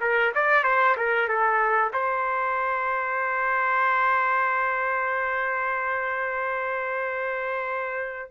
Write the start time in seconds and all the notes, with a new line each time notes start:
0.00 A#4
0.34 D5
0.63 C5
0.96 A#4
1.28 A4
1.93 C5